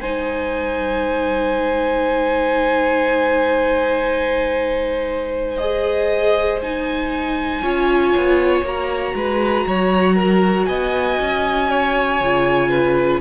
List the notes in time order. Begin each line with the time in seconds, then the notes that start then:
0.00 G#3 D#4 C5 G#5
5.57 G#4 D#5
6.61 D#4 G#5
7.62 C#4 F4 C#5
8.17 B3
8.62 A#3 F#4 A#5
9.14 G#3 B4
9.67 F#3 C#5
10.15 A#4
10.65 B3 D#5 G#5
11.19 C#4
11.69 C#5
12.21 C#3 F4
12.69 B4